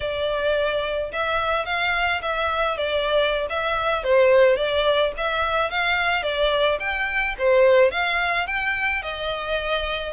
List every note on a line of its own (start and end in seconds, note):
0.00 1.11 D5
1.12 1.65 E5
1.65 2.21 F5
2.22 2.77 E5
2.77 3.46 D5
3.49 4.03 E5
4.03 4.56 C5
4.56 5.11 D5
5.17 5.70 E5
5.70 6.22 F5
6.22 6.78 D5
6.79 7.35 G5
7.38 7.91 C5
7.91 8.46 F5
8.46 9.02 G5
9.02 10.13 D#5